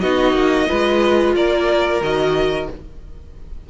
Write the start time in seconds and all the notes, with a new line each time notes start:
0.00 B3 D#4 F#4 D#5
0.33 A#3
0.68 G#3 F4 B4
1.35 A#3 A#4 D5
2.00 D#3 F#4 D#5